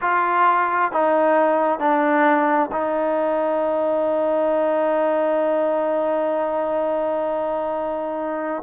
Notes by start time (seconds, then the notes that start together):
0.01 F4
0.91 D#4
1.79 D4
2.71 D#4